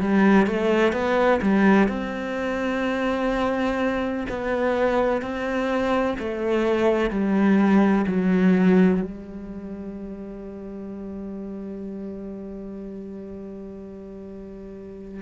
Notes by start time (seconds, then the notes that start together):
0.00 G3
0.46 A3
0.93 B3
1.42 G3
1.88 C4
4.29 B3
5.22 C4
6.18 A3
7.10 G3
8.07 F#3
9.02 G3